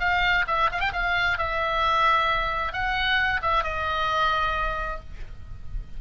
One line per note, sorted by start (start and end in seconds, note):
0.00 0.45 F5
0.48 0.70 E5
0.73 0.81 F5
0.81 0.92 G5
0.93 1.38 F5
1.38 2.73 E5
2.73 3.41 F#5
3.42 3.64 E5
3.64 5.00 D#5